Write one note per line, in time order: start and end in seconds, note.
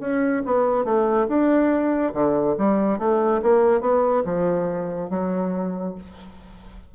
0.00 0.43 C#4
0.46 0.85 B3
0.85 1.27 A3
1.28 2.13 D4
2.13 2.56 D3
2.58 2.99 G3
2.99 3.41 A3
3.42 3.81 A#3
3.81 4.23 B3
4.25 5.10 F3
5.10 5.95 F#3